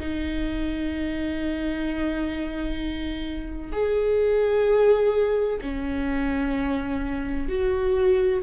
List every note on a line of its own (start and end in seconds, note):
0.00 3.72 D#4
3.72 5.60 G#4
5.61 7.49 C#4
7.49 8.42 F#4